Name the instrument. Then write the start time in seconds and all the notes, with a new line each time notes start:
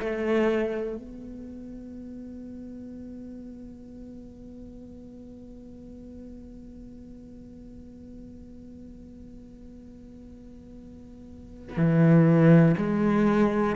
cello
0.00 A3
0.97 B3
11.78 E3
12.78 G#3